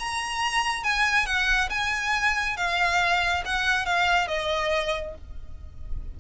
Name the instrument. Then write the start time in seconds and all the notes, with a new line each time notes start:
violin
0.00 A#5
0.84 G#5
1.26 F#5
1.70 G#5
2.57 F5
3.46 F#5
3.86 F5
4.28 D#5